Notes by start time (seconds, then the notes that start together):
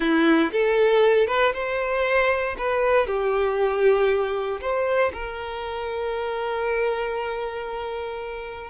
0.00 E4
0.52 A4
1.27 B4
1.53 C5
2.58 B4
3.06 G4
4.60 C5
5.13 A#4